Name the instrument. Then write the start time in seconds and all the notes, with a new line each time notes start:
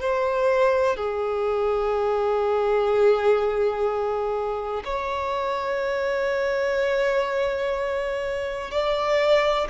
violin
0.00 C5
0.96 G#4
4.84 C#5
8.71 D5